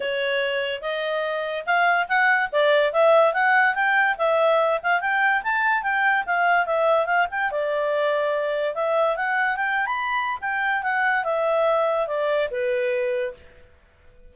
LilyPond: \new Staff \with { instrumentName = "clarinet" } { \time 4/4 \tempo 4 = 144 cis''2 dis''2 | f''4 fis''4 d''4 e''4 | fis''4 g''4 e''4. f''8 | g''4 a''4 g''4 f''4 |
e''4 f''8 g''8 d''2~ | d''4 e''4 fis''4 g''8. b''16~ | b''4 g''4 fis''4 e''4~ | e''4 d''4 b'2 | }